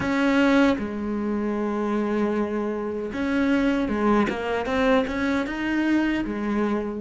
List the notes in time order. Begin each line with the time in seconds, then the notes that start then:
0.00 C#4
0.78 G#3
3.13 C#4
3.88 G#3
4.29 A#3
4.66 C4
5.07 C#4
5.46 D#4
6.24 G#3